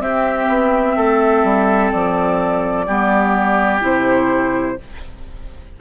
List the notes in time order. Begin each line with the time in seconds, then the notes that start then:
0.00 C4 G4 E5
0.48 B3
0.96 A3 A4
1.44 G3
1.92 F3 D5
2.87 G3 B3 G4
3.81 C3 E4 C5